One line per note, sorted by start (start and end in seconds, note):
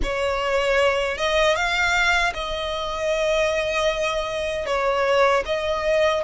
0.02 1.17 C#5
1.17 1.55 D#5
1.55 2.33 F5
2.34 4.65 D#5
4.65 5.43 C#5
5.45 6.23 D#5